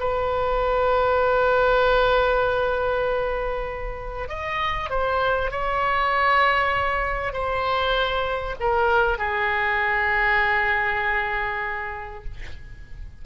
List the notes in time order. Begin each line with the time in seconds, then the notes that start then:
0.00 B4
4.29 D#5
4.90 C5
5.51 C#5
7.33 C5
8.60 A#4
9.18 G#4